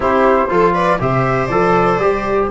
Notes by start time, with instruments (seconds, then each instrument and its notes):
0.00 tuba C4, trombone E4, viola G4, flute C5
0.48 tuba F3, trombone F4, viola A4
0.74 viola B4, flute D5
0.99 tuba C3, trombone G4, viola C5, flute E5
1.46 tuba F3, trombone A4, flute D5
1.98 tuba G3, trombone G4